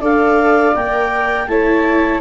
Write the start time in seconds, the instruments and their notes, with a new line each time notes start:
0.00 tuba D4, viola A4, flute D5, clarinet F5
0.75 tuba A#3, viola A#4, clarinet G5
1.47 tuba A3, viola E4, flute C#5, clarinet A5